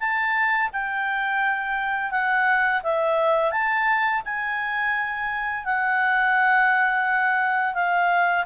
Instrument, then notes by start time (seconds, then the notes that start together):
clarinet
0.00 A5
0.73 G5
2.12 F#5
2.83 E5
3.52 A5
4.25 G#5
5.66 F#5
7.75 F5